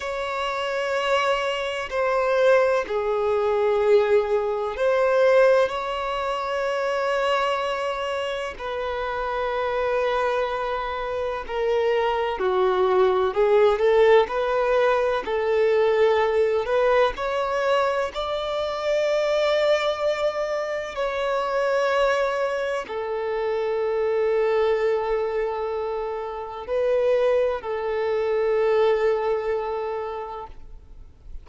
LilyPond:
\new Staff \with { instrumentName = "violin" } { \time 4/4 \tempo 4 = 63 cis''2 c''4 gis'4~ | gis'4 c''4 cis''2~ | cis''4 b'2. | ais'4 fis'4 gis'8 a'8 b'4 |
a'4. b'8 cis''4 d''4~ | d''2 cis''2 | a'1 | b'4 a'2. | }